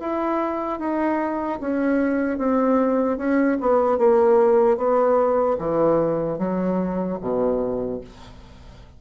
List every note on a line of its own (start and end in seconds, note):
0.00 0.79 E4
0.79 1.59 D#4
1.61 2.38 C#4
2.38 3.18 C4
3.18 3.58 C#4
3.60 3.98 B3
3.98 4.77 A#3
4.77 5.57 B3
5.59 6.39 E3
6.39 7.19 F#3
7.21 8.01 B2